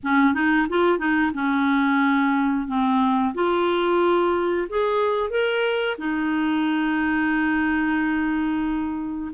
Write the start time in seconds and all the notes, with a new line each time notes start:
0.03 C#4
0.34 D#4
0.68 F4
0.98 D#4
1.34 C#4
2.67 C4
3.34 F4
4.69 G#4
5.30 A#4
5.98 D#4